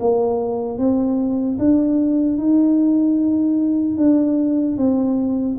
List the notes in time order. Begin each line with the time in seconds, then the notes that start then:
0.00 A#3
0.78 C4
1.59 D4
2.38 D#4
3.97 D4
4.77 C4